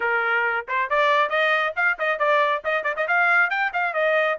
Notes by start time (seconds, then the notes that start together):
0.00 A#4
0.68 C5
0.89 D5
1.29 D#5
1.76 F5
1.98 D#5
2.18 D5
2.64 D#5
2.83 D5
2.96 D#5
3.07 F5
3.49 G5
3.73 F5
3.93 D#5